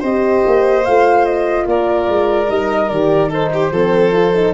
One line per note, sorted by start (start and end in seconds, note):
0.00 0.44 C4
0.00 0.84 G4
0.00 1.64 C5
0.00 0.85 D#5
0.46 0.87 A#3
0.85 1.66 A3
0.85 2.48 F4
0.85 1.25 F5
1.25 1.66 D#5
1.66 2.07 A#3
1.66 3.29 A#4
1.66 2.50 D5
2.08 2.49 G#3
2.48 2.90 G3
2.48 2.89 D#4
2.48 2.89 D#5
2.89 3.71 D#3
2.89 3.28 G4
2.89 3.30 D5
3.28 3.70 D#4
3.28 3.49 A4
3.28 4.54 C5
3.54 3.73 G4
3.71 4.53 F3
3.71 4.12 C4
3.71 4.54 A4
4.12 4.33 F4
4.35 4.54 D#4